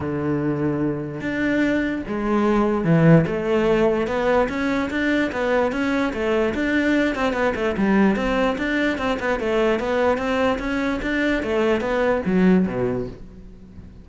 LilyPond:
\new Staff \with { instrumentName = "cello" } { \time 4/4 \tempo 4 = 147 d2. d'4~ | d'4 gis2 e4 | a2 b4 cis'4 | d'4 b4 cis'4 a4 |
d'4. c'8 b8 a8 g4 | c'4 d'4 c'8 b8 a4 | b4 c'4 cis'4 d'4 | a4 b4 fis4 b,4 | }